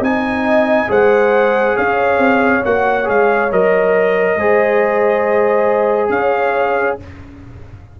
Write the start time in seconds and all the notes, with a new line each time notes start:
0.00 C4 D#4 D#5 G#5
0.88 G#3 G#4 C5 F#5
1.76 C#4 C#5 F5
2.18 C4
2.64 A#3 F#4 F#5
3.04 G#3 G#4 F5
3.51 F#3 A#4 D#5
4.36 G#3 G#4 C5
6.09 C#4 C#5 F5